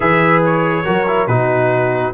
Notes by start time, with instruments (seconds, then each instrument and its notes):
0.00 tuba E3, trombone G#4, horn B4, trumpet E5
0.45 trumpet C#5
0.84 tuba F#3, trombone F#4, horn A#4
1.07 trombone E4
1.27 tuba B2, trombone D#4, horn F#4, trumpet B4